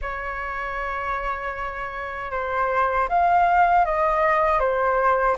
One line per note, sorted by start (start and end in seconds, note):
0.01 2.31 C#5
2.31 3.08 C5
3.08 3.85 F5
3.85 4.59 D#5
4.59 5.36 C5